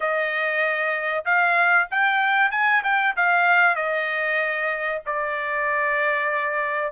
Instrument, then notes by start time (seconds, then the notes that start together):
trumpet
0.00 D#5
1.25 F5
1.91 G5
2.51 G#5
2.83 G5
3.16 F5
3.75 D#5
5.06 D5